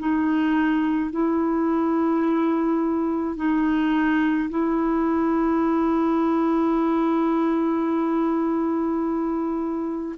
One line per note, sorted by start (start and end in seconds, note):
0.00 1.11 D#4
1.11 3.37 E4
3.37 4.50 D#4
4.50 10.16 E4